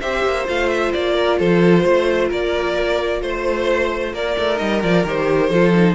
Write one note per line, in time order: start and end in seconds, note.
0.00 0.24 C4
0.00 0.46 G4
0.00 1.13 C5
0.00 0.46 E5
0.24 0.47 A#3
0.46 0.93 A3
0.46 4.56 F4
0.46 0.69 F5
0.69 0.92 E5
0.93 1.40 A#3
0.93 1.39 D5
1.13 1.36 A#4
1.38 1.84 F3
1.38 1.82 A4
1.38 2.31 C5
1.82 2.30 A3
1.82 2.28 C5
2.29 3.21 A#3
2.29 3.21 A#4
2.29 3.21 D5
3.21 4.13 A3
3.21 4.13 C5
3.21 4.14 C5
4.13 4.36 A#3
4.13 5.49 A#4
4.13 4.58 D5
4.38 4.60 A3
4.56 4.83 G3
4.56 4.79 D#4
4.56 4.81 D#5
4.83 5.04 F3
4.83 5.06 F4
4.83 5.06 D5
5.04 5.50 D#3
5.04 5.51 G4
5.04 5.95 C5
5.49 5.95 F3
5.49 5.74 F4
5.49 5.95 A4
5.74 5.95 D#4